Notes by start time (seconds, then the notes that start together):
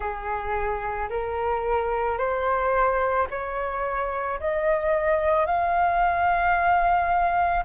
0.00 G#4
1.09 A#4
2.18 C5
3.30 C#5
4.40 D#5
5.45 F5